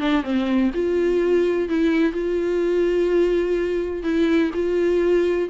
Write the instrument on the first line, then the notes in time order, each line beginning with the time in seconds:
viola
0.00 D4
0.24 C4
0.74 F4
1.69 E4
2.13 F4
4.04 E4
4.54 F4